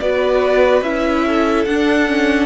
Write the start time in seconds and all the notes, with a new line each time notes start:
0.00 B3 F#4 B4 D5
0.82 C#4 E4 E5
1.26 A4
1.65 D4 F#5
2.07 C#4